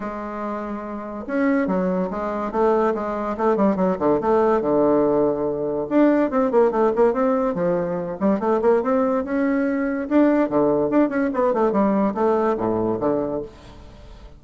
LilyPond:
\new Staff \with { instrumentName = "bassoon" } { \time 4/4 \tempo 4 = 143 gis2. cis'4 | fis4 gis4 a4 gis4 | a8 g8 fis8 d8 a4 d4~ | d2 d'4 c'8 ais8 |
a8 ais8 c'4 f4. g8 | a8 ais8 c'4 cis'2 | d'4 d4 d'8 cis'8 b8 a8 | g4 a4 a,4 d4 | }